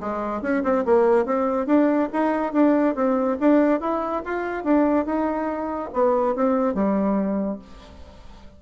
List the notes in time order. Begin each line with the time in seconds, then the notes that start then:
0.00 G#3
0.42 C#4
0.64 C4
0.85 A#3
1.26 C4
1.67 D4
2.13 D#4
2.53 D4
2.95 C4
3.40 D4
3.80 E4
4.25 F4
4.64 D4
5.06 D#4
5.93 B3
6.36 C4
6.75 G3